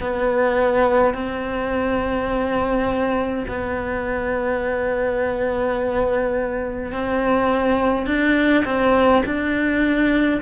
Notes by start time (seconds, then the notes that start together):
0.00 B3
1.14 C4
3.48 B3
6.92 C4
8.06 D4
8.65 C4
9.25 D4